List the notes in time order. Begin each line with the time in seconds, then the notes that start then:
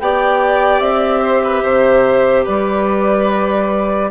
0.00 B3 G4 D5 G5
0.80 C4 E5
1.21 C5
1.44 B4
1.63 C3 C5
2.45 G3 B4 D5